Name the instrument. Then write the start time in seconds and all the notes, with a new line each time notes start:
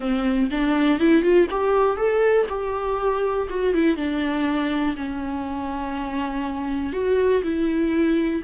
viola
0.00 C4
0.50 D4
0.99 E4
1.22 F4
1.50 G4
1.96 A4
2.49 G4
3.49 F#4
3.74 E4
3.96 D4
4.96 C#4
6.92 F#4
7.43 E4